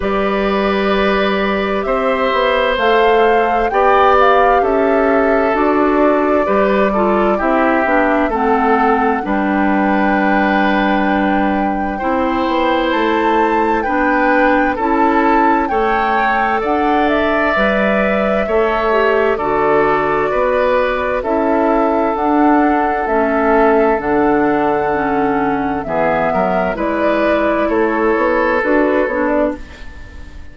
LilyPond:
<<
  \new Staff \with { instrumentName = "flute" } { \time 4/4 \tempo 4 = 65 d''2 e''4 f''4 | g''8 f''8 e''4 d''2 | e''4 fis''4 g''2~ | g''2 a''4 g''4 |
a''4 g''4 fis''8 e''4.~ | e''4 d''2 e''4 | fis''4 e''4 fis''2 | e''4 d''4 cis''4 b'8 cis''16 d''16 | }
  \new Staff \with { instrumentName = "oboe" } { \time 4/4 b'2 c''2 | d''4 a'2 b'8 a'8 | g'4 a'4 b'2~ | b'4 c''2 b'4 |
a'4 cis''4 d''2 | cis''4 a'4 b'4 a'4~ | a'1 | gis'8 ais'8 b'4 a'2 | }
  \new Staff \with { instrumentName = "clarinet" } { \time 4/4 g'2. a'4 | g'2 fis'4 g'8 f'8 | e'8 d'8 c'4 d'2~ | d'4 e'2 d'4 |
e'4 a'2 b'4 | a'8 g'8 fis'2 e'4 | d'4 cis'4 d'4 cis'4 | b4 e'2 fis'8 d'8 | }
  \new Staff \with { instrumentName = "bassoon" } { \time 4/4 g2 c'8 b8 a4 | b4 cis'4 d'4 g4 | c'8 b8 a4 g2~ | g4 c'8 b8 a4 b4 |
cis'4 a4 d'4 g4 | a4 d4 b4 cis'4 | d'4 a4 d2 | e8 fis8 gis4 a8 b8 d'8 b8 | }
>>